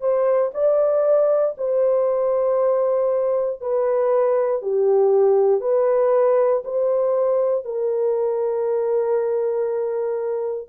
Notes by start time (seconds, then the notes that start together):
0.00 C5
0.54 D5
1.58 C5
3.61 B4
4.62 G4
5.61 B4
6.64 C5
7.65 A#4